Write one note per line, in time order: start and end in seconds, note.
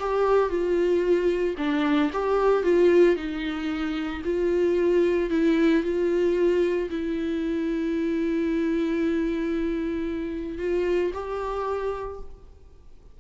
0.00 0.49 G4
0.49 1.55 F4
1.58 2.11 D4
2.13 2.64 G4
2.64 3.16 F4
3.16 4.22 D#4
4.25 5.30 F4
5.30 5.83 E4
5.83 6.90 F4
6.91 10.59 E4
10.59 11.12 F4
11.14 12.20 G4